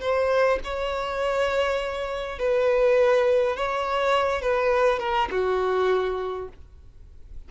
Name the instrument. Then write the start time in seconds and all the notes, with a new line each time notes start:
violin
0.00 C5
0.63 C#5
2.38 B4
3.56 C#5
4.41 B4
4.99 A#4
5.30 F#4